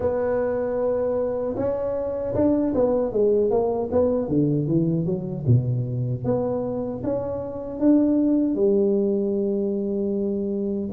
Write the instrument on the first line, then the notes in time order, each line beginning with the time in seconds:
tuba
0.00 B3
1.56 C#4
2.34 D4
2.74 B3
3.12 G#3
3.50 A#3
3.91 B3
4.28 D3
4.67 E3
5.05 F#3
5.46 B2
6.24 B3
7.03 C#4
7.79 D4
8.55 G3